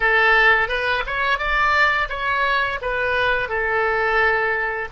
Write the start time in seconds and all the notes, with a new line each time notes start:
0.00 A4
0.68 B4
1.06 C#5
1.38 D5
2.09 C#5
2.81 B4
3.49 A4